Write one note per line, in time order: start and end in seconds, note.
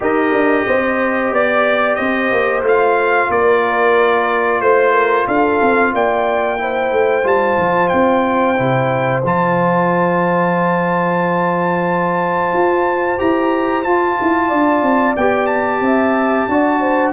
0.00 0.32 D#4
0.00 2.63 G4
0.00 0.66 A#4
0.00 1.34 D#5
0.32 0.65 D4
0.66 1.32 C4
0.66 1.32 C5
1.32 1.98 B3
1.32 1.97 D5
1.32 1.95 D5
1.95 2.31 C4
1.95 3.29 C5
1.95 2.61 D#5
2.31 2.62 A#3
2.62 3.27 A3
2.62 6.58 F4
2.62 3.31 F5
3.29 4.60 A#3
3.29 4.61 A#4
3.29 4.60 D5
4.60 5.26 A3
4.60 5.26 C5
4.60 4.93 C5
4.93 5.26 A#4
5.27 5.60 D4
5.27 5.93 A4
5.27 5.93 F5
5.61 5.93 C4
5.93 6.92 A#3
5.93 6.60 D5
5.93 7.27 G5
6.58 7.23 E4
6.58 14.47 C5
6.92 7.24 A3
7.23 7.57 G3
7.23 8.55 F4
7.23 7.88 A5
7.58 7.91 F3
7.88 8.59 C4
7.88 9.20 G5
8.56 9.23 C3
8.56 9.22 E4
9.23 12.52 F3
9.23 13.17 F4
9.23 13.19 A5
12.52 13.18 F4
13.17 13.85 E4
13.17 13.83 G4
13.17 13.83 A#5
13.83 15.15 F4
13.83 14.18 F4
13.83 15.14 A5
14.21 14.52 E4
14.47 14.82 D4
14.47 15.79 D5
14.82 15.15 C4
15.16 15.80 B3
15.16 16.50 G4
15.16 15.46 G5
15.46 17.11 A5
15.80 16.46 C4
15.80 16.49 E5
16.48 17.12 D4
16.48 17.12 F#4
16.48 16.80 D5
16.80 17.12 C5